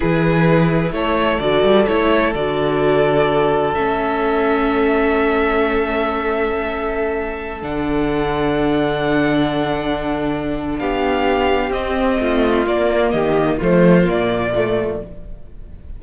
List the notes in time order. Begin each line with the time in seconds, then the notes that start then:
0.00 E3 E4 G#4 B4
0.92 A3 A4 C#5
1.39 D3 F#4 D5
1.63 G3
1.86 A3 E4 C#5
2.34 D3 F#4 D5
3.74 A3 C#4 E5
7.61 D3 D4 F#5
10.78 B3 G4 F5
11.70 C4 D#5
12.19 A3 F4
12.66 A#3 D5
13.11 D#3 G4 D#5
13.56 F3 A3 F4
13.63 C5
14.03 A#2 A#3 D5
14.55 A3